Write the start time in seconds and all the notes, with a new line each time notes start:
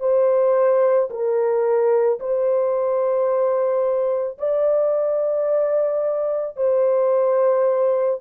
0.00 C5
1.10 A#4
2.20 C5
4.38 D5
6.57 C5